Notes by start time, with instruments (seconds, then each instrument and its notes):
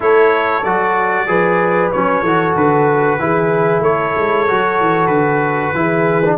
0.00 tuba A3, trombone E4, horn A4, trumpet C#5
0.63 tuba F#3, trombone F#4, trumpet D5
1.27 tuba F3, trombone G#4, horn B4
1.91 tuba F#3, trombone C#4, trumpet C#5
2.22 tuba E3, trombone F#4, horn A4
2.55 tuba D3, trumpet B4
3.19 tuba E3, trombone E4, horn G#4
3.80 tuba A3, horn A4, trumpet C#5
4.17 tuba G#3
4.48 tuba F#3, trombone F#4
4.80 tuba E3
5.07 tuba D3, trumpet B4
5.74 tuba E3, trombone E4, horn G#4
6.25 trombone D4